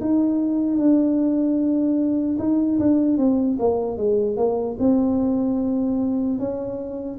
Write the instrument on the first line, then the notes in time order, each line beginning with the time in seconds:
tuba
0.00 D#4
0.77 D4
2.39 D#4
2.79 D4
3.17 C4
3.59 A#3
3.97 G#3
4.36 A#3
4.79 C4
6.39 C#4